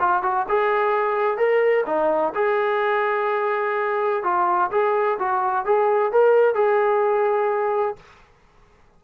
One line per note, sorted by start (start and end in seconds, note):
0.00 0.23 F4
0.23 0.46 F#4
0.49 1.37 G#4
1.37 1.85 A#4
1.86 2.33 D#4
2.35 4.23 G#4
4.23 4.71 F4
4.71 5.18 G#4
5.19 5.65 F#4
5.65 6.12 G#4
6.12 6.55 A#4
6.55 7.96 G#4